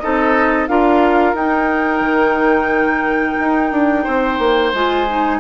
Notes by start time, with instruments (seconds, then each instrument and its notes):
0.00 bassoon C4, clarinet D#4, oboe A4, flute D#5
0.68 bassoon D4, clarinet F4, oboe A#4, flute F5
1.34 bassoon D#4, clarinet D#4, flute G5
2.00 bassoon D#3
3.40 bassoon D#4
3.72 bassoon D4
4.04 bassoon C4, oboe C5
4.39 bassoon A#3
4.73 bassoon G#3, clarinet F4, flute G#5
5.08 clarinet D#4